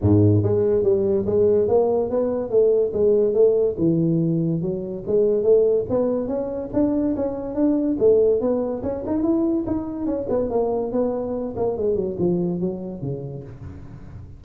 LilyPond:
\new Staff \with { instrumentName = "tuba" } { \time 4/4 \tempo 4 = 143 gis,4 gis4 g4 gis4 | ais4 b4 a4 gis4 | a4 e2 fis4 | gis4 a4 b4 cis'4 |
d'4 cis'4 d'4 a4 | b4 cis'8 dis'8 e'4 dis'4 | cis'8 b8 ais4 b4. ais8 | gis8 fis8 f4 fis4 cis4 | }